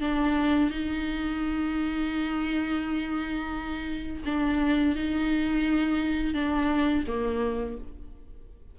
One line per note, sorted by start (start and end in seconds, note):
0.00 0.70 D4
0.70 4.23 D#4
4.24 4.95 D4
4.95 6.34 D#4
6.34 7.04 D4
7.07 7.77 A#3